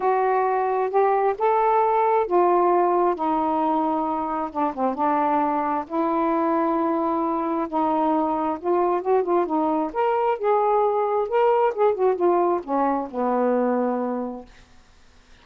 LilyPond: \new Staff \with { instrumentName = "saxophone" } { \time 4/4 \tempo 4 = 133 fis'2 g'4 a'4~ | a'4 f'2 dis'4~ | dis'2 d'8 c'8 d'4~ | d'4 e'2.~ |
e'4 dis'2 f'4 | fis'8 f'8 dis'4 ais'4 gis'4~ | gis'4 ais'4 gis'8 fis'8 f'4 | cis'4 b2. | }